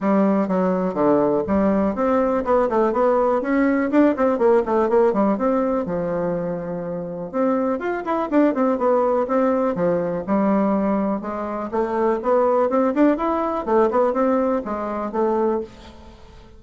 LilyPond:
\new Staff \with { instrumentName = "bassoon" } { \time 4/4 \tempo 4 = 123 g4 fis4 d4 g4 | c'4 b8 a8 b4 cis'4 | d'8 c'8 ais8 a8 ais8 g8 c'4 | f2. c'4 |
f'8 e'8 d'8 c'8 b4 c'4 | f4 g2 gis4 | a4 b4 c'8 d'8 e'4 | a8 b8 c'4 gis4 a4 | }